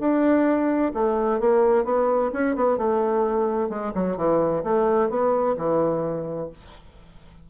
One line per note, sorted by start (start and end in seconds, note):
0.00 0.92 D4
0.95 1.41 A3
1.41 1.85 A#3
1.85 2.31 B3
2.33 2.56 C#4
2.56 2.78 B3
2.78 3.70 A3
3.70 3.93 G#3
3.95 4.17 F#3
4.17 4.64 E3
4.64 5.10 A3
5.10 5.56 B3
5.58 6.50 E3